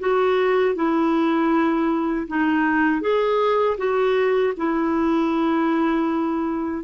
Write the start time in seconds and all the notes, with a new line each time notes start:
0.00 F#4
0.76 E4
2.28 D#4
3.02 G#4
3.78 F#4
4.57 E4